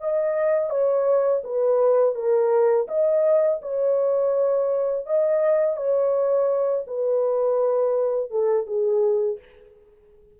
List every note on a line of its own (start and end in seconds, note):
0.00 0.70 D#5
0.70 1.42 C#5
1.43 2.15 B4
2.15 2.87 A#4
2.88 3.60 D#5
3.61 5.06 C#5
5.06 5.76 D#5
5.76 6.85 C#5
6.87 8.30 B4
8.30 8.66 A4
8.66 9.39 G#4